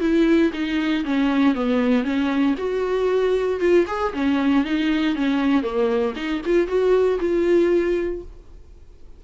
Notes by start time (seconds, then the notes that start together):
0.00 E4
0.53 D#4
1.04 C#4
1.54 B3
2.03 C#4
2.57 F#4
3.60 F4
3.87 G#4
4.13 C#4
4.64 D#4
5.15 C#4
5.62 A#3
6.16 D#4
6.45 F4
6.67 F#4
7.20 F4